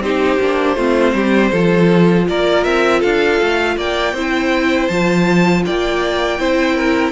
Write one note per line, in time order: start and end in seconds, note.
0.00 0.38 C4
0.00 0.40 D#4
0.00 0.76 G4
0.00 2.27 C5
0.39 0.76 A#3
0.39 0.77 D4
0.76 1.13 A3
0.76 1.51 C4
0.76 1.14 F4
1.13 1.51 G3
1.13 1.51 G4
1.51 2.27 F3
1.51 4.14 F4
1.51 2.26 A4
2.28 2.66 A#3
2.28 3.00 A#4
2.28 2.64 D5
2.64 3.03 C4
2.64 3.01 E5
3.00 3.41 D4
3.00 3.75 A4
3.00 3.77 F5
3.42 3.76 A3
3.76 4.13 A#3
3.76 4.14 D5
3.76 4.87 G5
4.13 4.88 C4
4.13 4.91 E4
4.13 5.64 C5
4.87 5.64 F3
4.87 6.39 F4
4.87 5.62 A5
5.65 6.39 A#3
5.65 6.40 D5
5.65 7.12 G5
6.39 7.12 C4
6.39 7.12 E4
6.39 6.75 C5
6.75 7.12 A#4